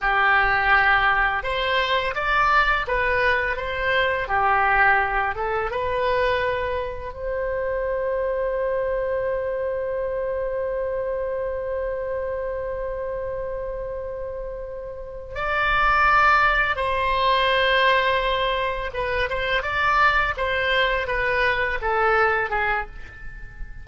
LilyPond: \new Staff \with { instrumentName = "oboe" } { \time 4/4 \tempo 4 = 84 g'2 c''4 d''4 | b'4 c''4 g'4. a'8 | b'2 c''2~ | c''1~ |
c''1~ | c''4. d''2 c''8~ | c''2~ c''8 b'8 c''8 d''8~ | d''8 c''4 b'4 a'4 gis'8 | }